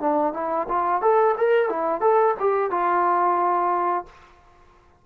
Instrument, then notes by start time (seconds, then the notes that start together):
trombone
0.00 D4
0.33 E4
0.69 F4
1.01 A4
1.38 A#4
1.69 E4
2.01 A4
2.40 G4
2.71 F4